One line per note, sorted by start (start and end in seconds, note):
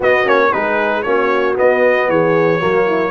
0.00 0.25 B3
0.00 0.24 B3
0.00 0.49 F#4
0.00 0.28 D#5
0.24 0.51 A#3
0.24 0.50 C#4
0.24 0.52 C#5
0.52 1.05 G#3
0.52 1.04 D#4
0.52 1.05 G#4
0.52 1.02 B4
1.02 1.57 A#3
1.02 1.55 C#4
1.02 2.09 F#4
1.02 1.54 C#5
1.55 2.59 B3
1.55 2.08 B3
1.55 2.10 D#5
2.08 2.60 E3
2.08 2.60 G#4
2.08 3.10 C#5
2.59 3.10 F#3
2.59 3.10 A#3
2.59 2.86 F#4
2.86 3.10 E4